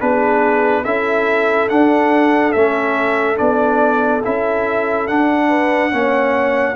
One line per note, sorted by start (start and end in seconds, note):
0.00 0.85 B3
0.00 0.85 D4
0.00 0.83 G#4
0.00 0.85 B4
0.83 1.69 C#4
0.83 1.70 E4
0.83 5.48 A4
0.83 1.69 E5
1.69 2.54 D4
1.69 2.55 D4
1.69 2.52 F#5
2.52 3.39 A3
2.52 3.36 C#4
2.52 3.37 E5
3.36 4.25 B3
3.36 4.21 D4
3.36 4.22 D5
4.24 5.09 C#4
4.24 5.08 E4
4.24 5.08 E5
5.08 5.91 D4
5.08 5.93 D4
5.08 6.76 F#5
5.49 5.91 B4
5.91 6.76 A#3
5.91 6.76 C#4
5.91 6.76 C#5